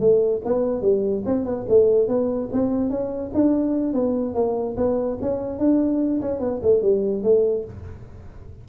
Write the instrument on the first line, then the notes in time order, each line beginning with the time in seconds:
tuba
0.00 A3
0.45 B3
0.82 G3
1.26 C4
1.45 B3
1.69 A3
2.08 B3
2.52 C4
2.90 C#4
3.34 D4
3.93 B3
4.35 A#3
4.77 B3
5.21 C#4
5.59 D4
6.21 C#4
6.40 B3
6.62 A3
6.82 G3
7.23 A3